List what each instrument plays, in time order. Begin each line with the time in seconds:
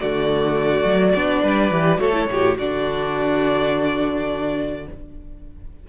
0.00 cello D3, viola A3, violin F#4 D5
0.85 cello F#3
1.15 cello B3, viola D4
1.42 cello G3, violin B4
1.71 cello E3, viola G4
1.98 cello A3, viola F#4, violin A4 C#5
2.13 viola E4
2.28 cello A2, viola F#4, violin G4
2.57 cello D3, viola D4, violin F#4 D5